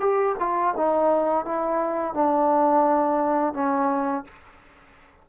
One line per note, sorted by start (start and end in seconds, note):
0.00 0.35 G4
0.39 0.74 F4
0.76 1.45 D#4
1.45 2.14 E4
2.14 3.54 D4
3.54 4.24 C#4